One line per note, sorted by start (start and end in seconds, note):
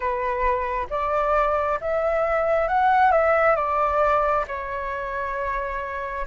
0.00 0.87 B4
0.90 1.79 D5
1.80 2.68 E5
2.68 3.11 F#5
3.11 3.55 E5
3.55 4.45 D5
4.47 6.26 C#5